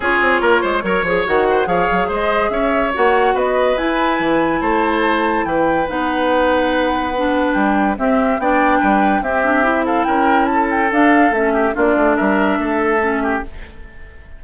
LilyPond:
<<
  \new Staff \with { instrumentName = "flute" } { \time 4/4 \tempo 4 = 143 cis''2. fis''4 | f''4 dis''4 e''4 fis''4 | dis''4 gis''2 a''4~ | a''4 g''4 fis''2~ |
fis''2 g''4 e''4 | g''2 e''4. f''8 | g''4 a''8 g''8 f''4 e''4 | d''4 e''2. | }
  \new Staff \with { instrumentName = "oboe" } { \time 4/4 gis'4 ais'8 c''8 cis''4. c''8 | cis''4 c''4 cis''2 | b'2. c''4~ | c''4 b'2.~ |
b'2. g'4 | d''4 b'4 g'4. a'8 | ais'4 a'2~ a'8 g'8 | f'4 ais'4 a'4. g'8 | }
  \new Staff \with { instrumentName = "clarinet" } { \time 4/4 f'2 ais'8 gis'8 fis'4 | gis'2. fis'4~ | fis'4 e'2.~ | e'2 dis'2~ |
dis'4 d'2 c'4 | d'2 c'8 d'8 e'4~ | e'2 d'4 cis'4 | d'2. cis'4 | }
  \new Staff \with { instrumentName = "bassoon" } { \time 4/4 cis'8 c'8 ais8 gis8 fis8 f8 dis4 | f8 fis8 gis4 cis'4 ais4 | b4 e'4 e4 a4~ | a4 e4 b2~ |
b2 g4 c'4 | b4 g4 c'2 | cis'2 d'4 a4 | ais8 a8 g4 a2 | }
>>